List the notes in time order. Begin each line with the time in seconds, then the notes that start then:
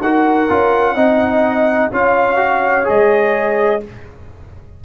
0.00 D#4 F#4 A#4 F#5
0.49 C#4 F4
0.94 C4 D#4 D#5
1.91 C#4 F4 C#5 F5
2.37 F#4
2.85 G#3 G#4 D#5